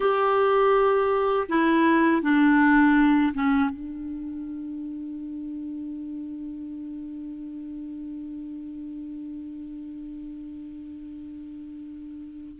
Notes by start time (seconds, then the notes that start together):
0.00 G4
1.48 E4
2.22 D4
3.34 C#4
3.70 D4